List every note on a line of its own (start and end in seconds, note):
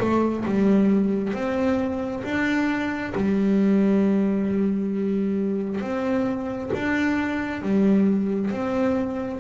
0.00 0.45 A3
0.45 1.34 G3
1.34 2.23 C4
2.24 3.13 D4
3.15 5.81 G3
5.81 6.71 C4
6.74 7.62 D4
7.62 8.51 G3
8.51 9.40 C4